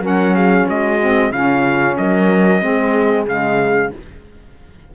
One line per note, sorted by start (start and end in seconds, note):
0.00 0.65 F#3
0.00 0.98 C#4
0.00 0.35 A#4
0.06 0.35 F#5
0.35 0.67 G#4
0.35 0.68 F5
0.67 1.32 G#3
0.67 1.32 F#4
0.67 1.32 D#5
1.01 1.33 C4
1.32 1.96 C#3
1.32 2.61 C#4
1.32 1.98 F4
1.32 1.97 F5
1.97 2.62 F#3
1.97 2.64 A#4
1.97 3.26 D#5
2.61 3.27 G#3
2.61 3.26 C4
2.61 3.95 G#4
3.27 3.91 C#3
3.27 3.91 G#3
3.27 3.93 F5